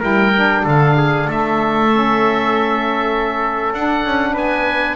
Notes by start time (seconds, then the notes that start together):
0.00 G3 E4 A#4 G5
0.35 D4
0.64 D3 A4 F5
0.97 G#4
1.27 A3 A4 E5
1.92 C#4
3.73 D4 F#5
4.05 C#4
4.33 B3 B4 G#5